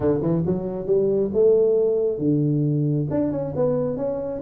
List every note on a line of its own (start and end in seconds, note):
0.00 0.20 D3
0.21 0.43 E3
0.45 0.86 F#3
0.86 1.30 G3
1.33 2.18 A3
2.18 3.06 D3
3.10 3.31 D4
3.31 3.53 C#4
3.55 3.96 B3
3.96 4.40 C#4